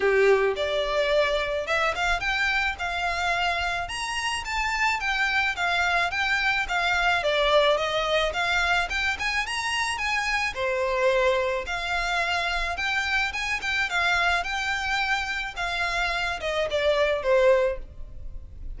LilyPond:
\new Staff \with { instrumentName = "violin" } { \time 4/4 \tempo 4 = 108 g'4 d''2 e''8 f''8 | g''4 f''2 ais''4 | a''4 g''4 f''4 g''4 | f''4 d''4 dis''4 f''4 |
g''8 gis''8 ais''4 gis''4 c''4~ | c''4 f''2 g''4 | gis''8 g''8 f''4 g''2 | f''4. dis''8 d''4 c''4 | }